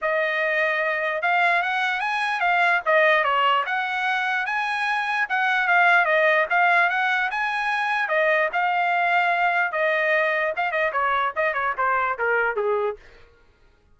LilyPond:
\new Staff \with { instrumentName = "trumpet" } { \time 4/4 \tempo 4 = 148 dis''2. f''4 | fis''4 gis''4 f''4 dis''4 | cis''4 fis''2 gis''4~ | gis''4 fis''4 f''4 dis''4 |
f''4 fis''4 gis''2 | dis''4 f''2. | dis''2 f''8 dis''8 cis''4 | dis''8 cis''8 c''4 ais'4 gis'4 | }